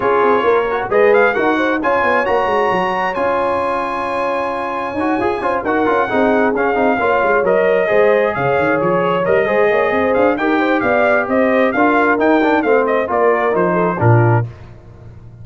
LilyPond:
<<
  \new Staff \with { instrumentName = "trumpet" } { \time 4/4 \tempo 4 = 133 cis''2 dis''8 f''8 fis''4 | gis''4 ais''2 gis''4~ | gis''1~ | gis''8 fis''2 f''4.~ |
f''8 dis''2 f''4 cis''8~ | cis''8 dis''2 f''8 g''4 | f''4 dis''4 f''4 g''4 | f''8 dis''8 d''4 c''4 ais'4 | }
  \new Staff \with { instrumentName = "horn" } { \time 4/4 gis'4 ais'4 b'4 ais'8 c''8 | cis''1~ | cis''1 | c''8 ais'4 gis'2 cis''8~ |
cis''4. c''4 cis''4.~ | cis''4 c''8 cis''8 c''4 ais'8 c''8 | d''4 c''4 ais'2 | c''4 ais'4. a'8 f'4 | }
  \new Staff \with { instrumentName = "trombone" } { \time 4/4 f'4. fis'8 gis'4 fis'4 | f'4 fis'2 f'4~ | f'2. fis'8 gis'8 | f'8 fis'8 f'8 dis'4 cis'8 dis'8 f'8~ |
f'8 ais'4 gis'2~ gis'8~ | gis'8 ais'8 gis'2 g'4~ | g'2 f'4 dis'8 d'8 | c'4 f'4 dis'4 d'4 | }
  \new Staff \with { instrumentName = "tuba" } { \time 4/4 cis'8 c'8 ais4 gis4 dis'4 | cis'8 b8 ais8 gis8 fis4 cis'4~ | cis'2. dis'8 f'8 | cis'8 dis'8 cis'8 c'4 cis'8 c'8 ais8 |
gis8 fis4 gis4 cis8 dis8 f8~ | f8 g8 gis8 ais8 c'8 d'8 dis'4 | b4 c'4 d'4 dis'4 | a4 ais4 f4 ais,4 | }
>>